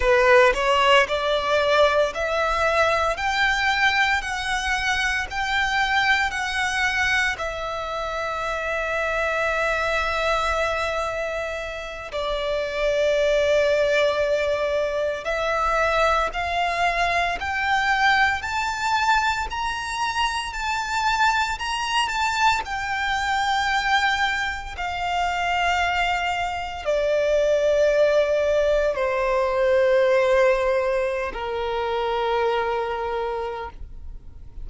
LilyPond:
\new Staff \with { instrumentName = "violin" } { \time 4/4 \tempo 4 = 57 b'8 cis''8 d''4 e''4 g''4 | fis''4 g''4 fis''4 e''4~ | e''2.~ e''8 d''8~ | d''2~ d''8 e''4 f''8~ |
f''8 g''4 a''4 ais''4 a''8~ | a''8 ais''8 a''8 g''2 f''8~ | f''4. d''2 c''8~ | c''4.~ c''16 ais'2~ ais'16 | }